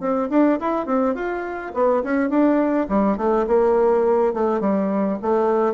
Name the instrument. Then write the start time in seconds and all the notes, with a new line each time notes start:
bassoon
0.00 C4
0.30 D4
0.60 E4
0.86 C4
1.15 F4
1.74 B3
2.03 C#4
2.29 D4
2.89 G3
3.17 A3
3.47 A#3
4.34 A3
4.60 G3
5.22 A3